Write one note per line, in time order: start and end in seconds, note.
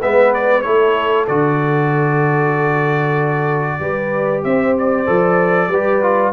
0.00 0.65 G#3
0.00 0.64 B3
0.00 0.63 B4
0.00 0.33 E5
0.33 0.62 D5
0.62 1.28 A3
0.62 1.27 E4
0.62 3.80 A4
0.62 1.25 C#5
1.27 3.80 D3
1.27 3.80 F#4
1.27 4.43 D5
3.80 4.43 G3
3.80 5.06 G4
3.80 4.44 B4
4.44 5.07 C4
4.44 5.70 C5
4.44 4.75 E5
4.78 6.32 D5
5.06 5.68 F3
5.06 5.69 A4
5.68 6.31 G3
5.68 6.02 G4
5.68 6.32 B4
6.02 6.32 F4